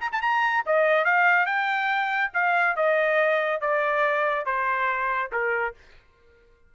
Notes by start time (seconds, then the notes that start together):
0.00 A#5
0.12 A5
0.21 A#5
0.66 D#5
1.05 F5
1.46 G5
2.33 F5
2.76 D#5
3.61 D5
4.45 C5
5.32 A#4